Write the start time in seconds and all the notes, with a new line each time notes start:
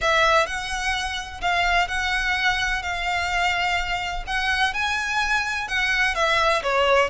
0.01 E5
0.46 F#5
1.41 F5
1.87 F#5
2.82 F5
4.26 F#5
4.73 G#5
5.68 F#5
6.15 E5
6.62 C#5